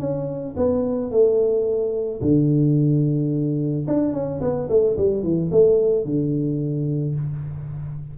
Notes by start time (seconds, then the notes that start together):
0.00 C#4
0.57 B3
1.11 A3
2.22 D3
3.88 D4
4.13 C#4
4.41 B3
4.69 A3
4.97 G3
5.23 E3
5.52 A3
6.05 D3